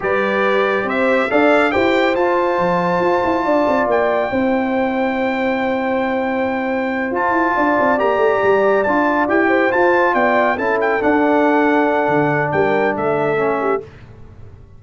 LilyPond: <<
  \new Staff \with { instrumentName = "trumpet" } { \time 4/4 \tempo 4 = 139 d''2 e''4 f''4 | g''4 a''2.~ | a''4 g''2.~ | g''1~ |
g''8 a''2 ais''4.~ | ais''8 a''4 g''4 a''4 g''8~ | g''8 a''8 g''8 fis''2~ fis''8~ | fis''4 g''4 e''2 | }
  \new Staff \with { instrumentName = "horn" } { \time 4/4 b'2 c''4 d''4 | c''1 | d''2 c''2~ | c''1~ |
c''4. d''2~ d''8~ | d''2 c''4. d''8~ | d''8 a'2.~ a'8~ | a'4 ais'4 a'4. g'8 | }
  \new Staff \with { instrumentName = "trombone" } { \time 4/4 g'2. a'4 | g'4 f'2.~ | f'2 e'2~ | e'1~ |
e'8 f'2 g'4.~ | g'8 f'4 g'4 f'4.~ | f'8 e'4 d'2~ d'8~ | d'2. cis'4 | }
  \new Staff \with { instrumentName = "tuba" } { \time 4/4 g2 c'4 d'4 | e'4 f'4 f4 f'8 e'8 | d'8 c'8 ais4 c'2~ | c'1~ |
c'8 f'8 e'8 d'8 c'8 ais8 a8 g8~ | g8 d'4 e'4 f'4 b8~ | b8 cis'4 d'2~ d'8 | d4 g4 a2 | }
>>